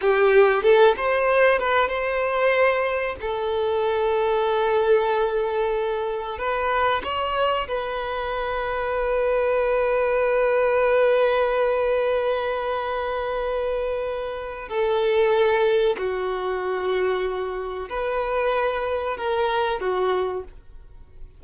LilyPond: \new Staff \with { instrumentName = "violin" } { \time 4/4 \tempo 4 = 94 g'4 a'8 c''4 b'8 c''4~ | c''4 a'2.~ | a'2 b'4 cis''4 | b'1~ |
b'1~ | b'2. a'4~ | a'4 fis'2. | b'2 ais'4 fis'4 | }